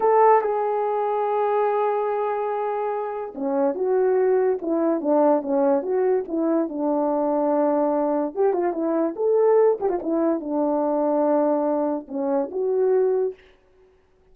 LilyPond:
\new Staff \with { instrumentName = "horn" } { \time 4/4 \tempo 4 = 144 a'4 gis'2.~ | gis'1 | cis'4 fis'2 e'4 | d'4 cis'4 fis'4 e'4 |
d'1 | g'8 f'8 e'4 a'4. g'16 f'16 | e'4 d'2.~ | d'4 cis'4 fis'2 | }